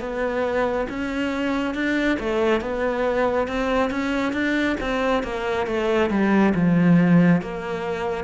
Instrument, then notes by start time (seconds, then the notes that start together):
cello
0.00 B3
0.89 C#4
1.74 D4
2.20 A3
2.61 B3
3.47 C4
3.91 C#4
4.33 D4
4.80 C4
5.23 A#3
5.66 A3
6.10 G3
6.55 F3
7.42 A#3